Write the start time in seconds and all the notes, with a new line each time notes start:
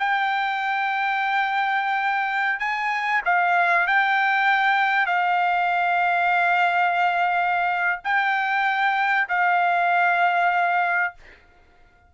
0.00 G5
2.60 G#5
3.25 F5
3.87 G5
5.06 F5
8.04 G5
9.29 F5